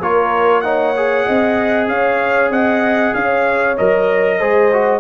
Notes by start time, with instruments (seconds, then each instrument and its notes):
0.00 tuba A#3, trombone F4, horn A#4, trumpet C#5
0.61 trombone D#4, horn C#5, trumpet F#5
0.96 trombone G#4
1.26 tuba C4, horn D#5
1.88 tuba C#4, horn C#5, trumpet F5
2.49 tuba C4, horn D#5, trumpet F#5
3.14 tuba C#4, horn C#5, trumpet F5
3.77 tuba F#3, trombone A#4, trumpet D#5
4.39 tuba G#3, trombone G#4, horn C5
4.73 trombone F#4